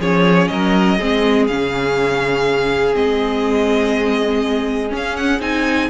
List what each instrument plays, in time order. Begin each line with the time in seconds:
0.00 cello F3, viola C#4, violin G#4 C#5
0.48 cello F#3, violin A#4 D#5
0.98 cello G#3, viola C4, violin G#4
1.48 cello C#3, viola C#4, violin F5
2.94 cello G#3, viola C4, violin D#5
4.89 viola C#4, cello C#4
4.97 violin F5
5.16 violin F#5
5.40 cello C4, viola D#4, violin G#5